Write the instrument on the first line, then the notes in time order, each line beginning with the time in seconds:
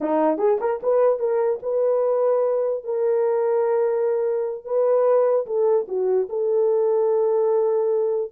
horn
0.01 D#4
0.38 G#4
0.60 A#4
0.82 B4
1.19 A#4
1.62 B4
2.84 A#4
4.64 B4
5.46 A4
5.87 F#4
6.29 A4